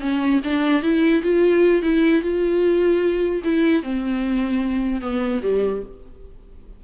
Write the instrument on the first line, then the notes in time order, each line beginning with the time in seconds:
viola
0.00 C#4
0.44 D4
0.82 E4
1.22 F4
1.82 E4
2.22 F4
3.44 E4
3.83 C4
5.01 B3
5.42 G3